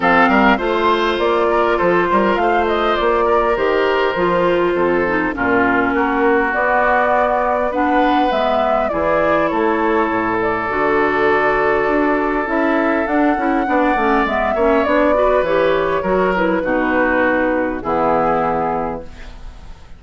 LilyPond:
<<
  \new Staff \with { instrumentName = "flute" } { \time 4/4 \tempo 4 = 101 f''4 c''4 d''4 c''4 | f''8 dis''8 d''4 c''2~ | c''4 ais'2 d''4~ | d''4 fis''4 e''4 d''4 |
cis''4. d''2~ d''8~ | d''4 e''4 fis''2 | e''4 d''4 cis''4. b'8~ | b'2 gis'2 | }
  \new Staff \with { instrumentName = "oboe" } { \time 4/4 a'8 ais'8 c''4. ais'8 a'8 ais'8 | c''4. ais'2~ ais'8 | a'4 f'4 fis'2~ | fis'4 b'2 gis'4 |
a'1~ | a'2. d''4~ | d''8 cis''4 b'4. ais'4 | fis'2 e'2 | }
  \new Staff \with { instrumentName = "clarinet" } { \time 4/4 c'4 f'2.~ | f'2 g'4 f'4~ | f'8 dis'8 cis'2 b4~ | b4 d'4 b4 e'4~ |
e'2 fis'2~ | fis'4 e'4 d'8 e'8 d'8 cis'8 | b8 cis'8 d'8 fis'8 g'4 fis'8 e'8 | dis'2 b2 | }
  \new Staff \with { instrumentName = "bassoon" } { \time 4/4 f8 g8 a4 ais4 f8 g8 | a4 ais4 dis4 f4 | f,4 ais,4 ais4 b4~ | b2 gis4 e4 |
a4 a,4 d2 | d'4 cis'4 d'8 cis'8 b8 a8 | gis8 ais8 b4 e4 fis4 | b,2 e2 | }
>>